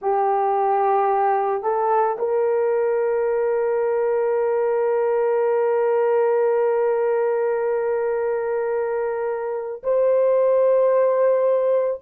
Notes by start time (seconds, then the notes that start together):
0.01 G4
1.62 A4
2.18 A#4
9.83 C5